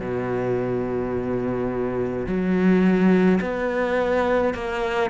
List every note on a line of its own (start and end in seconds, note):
0.00 2.26 B2
2.26 3.39 F#3
3.41 4.54 B3
4.54 5.10 A#3